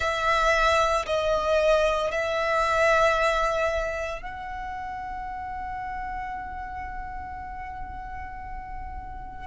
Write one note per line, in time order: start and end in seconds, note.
0.00 1.05 E5
1.05 2.11 D#5
2.11 4.22 E5
4.22 9.47 F#5